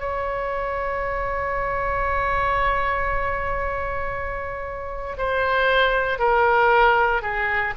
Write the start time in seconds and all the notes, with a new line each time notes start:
0.00 C#5
5.18 C5
6.19 A#4
7.22 G#4